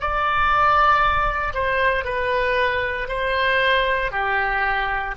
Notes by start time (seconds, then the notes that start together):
0.00 D5
1.54 C5
2.05 B4
3.08 C5
4.11 G4